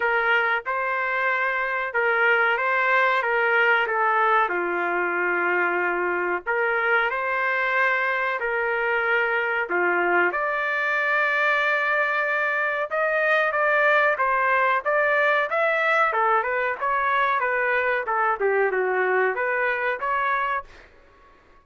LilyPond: \new Staff \with { instrumentName = "trumpet" } { \time 4/4 \tempo 4 = 93 ais'4 c''2 ais'4 | c''4 ais'4 a'4 f'4~ | f'2 ais'4 c''4~ | c''4 ais'2 f'4 |
d''1 | dis''4 d''4 c''4 d''4 | e''4 a'8 b'8 cis''4 b'4 | a'8 g'8 fis'4 b'4 cis''4 | }